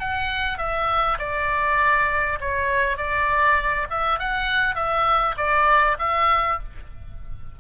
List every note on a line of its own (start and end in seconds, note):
0.00 0.59 F#5
0.59 1.19 E5
1.19 2.39 D5
2.41 2.98 C#5
2.98 3.88 D5
3.91 4.20 E5
4.20 4.76 F#5
4.76 5.36 E5
5.38 5.98 D5
5.99 6.59 E5